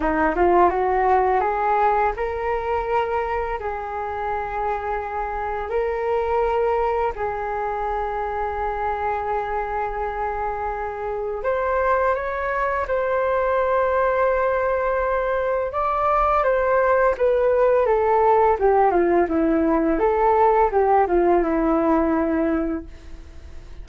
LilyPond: \new Staff \with { instrumentName = "flute" } { \time 4/4 \tempo 4 = 84 dis'8 f'8 fis'4 gis'4 ais'4~ | ais'4 gis'2. | ais'2 gis'2~ | gis'1 |
c''4 cis''4 c''2~ | c''2 d''4 c''4 | b'4 a'4 g'8 f'8 e'4 | a'4 g'8 f'8 e'2 | }